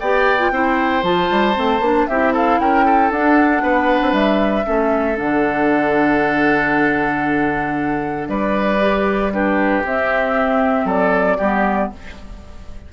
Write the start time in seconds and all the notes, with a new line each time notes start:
0.00 B3 G4 D5 G5
0.39 F4
0.51 C4 E4 C5
1.03 F3 F4 A5
1.31 G3
1.54 A3 C4
1.80 A#3 D4
2.08 C4 E4 G4 E5
2.33 A4 F5
2.59 C#4 A#4 G5
2.86 A4
3.11 D4 F#5
3.63 B3 B4
4.02 C4
4.12 G3 E5
4.64 A3 C#4 A4
5.15 D3 D4 F#5
8.28 G3 B4 D5
8.81 G4
9.32 D4 G4 B4
9.84 C4 E5
10.85 F#3 A4 D5
11.38 G3 B3 G4